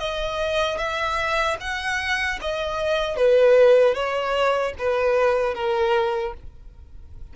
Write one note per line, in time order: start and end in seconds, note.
0.00 0.78 D#5
0.78 1.57 E5
1.61 2.40 F#5
2.42 3.17 D#5
3.17 3.94 B4
3.94 4.73 C#5
4.79 5.55 B4
5.55 6.34 A#4